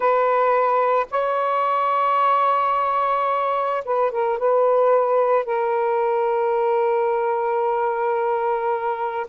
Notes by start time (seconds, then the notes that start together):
0.00 B4
1.11 C#5
3.84 B4
4.11 A#4
4.38 B4
5.45 A#4